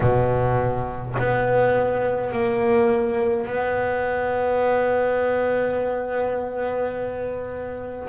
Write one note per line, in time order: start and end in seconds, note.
0.00 1.15 B2
1.19 2.32 B3
2.32 3.46 A#3
3.46 8.08 B3